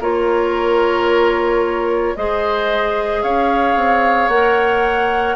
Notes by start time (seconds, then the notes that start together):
0.00 A#3 F4 A#4 C#5
2.16 G#3 G#4 C5 D#5
3.23 C#4 C#5 F5
3.75 C4
4.29 A#3 A#4 F#5